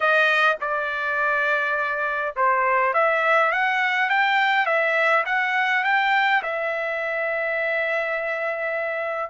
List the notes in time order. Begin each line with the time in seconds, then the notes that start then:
0.00 D#5
0.60 D5
2.36 C5
2.93 E5
3.52 F#5
4.09 G5
4.65 E5
5.25 F#5
5.84 G5
6.42 E5